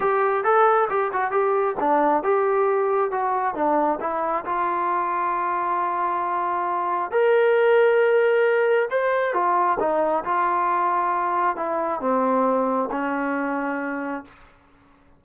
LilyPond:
\new Staff \with { instrumentName = "trombone" } { \time 4/4 \tempo 4 = 135 g'4 a'4 g'8 fis'8 g'4 | d'4 g'2 fis'4 | d'4 e'4 f'2~ | f'1 |
ais'1 | c''4 f'4 dis'4 f'4~ | f'2 e'4 c'4~ | c'4 cis'2. | }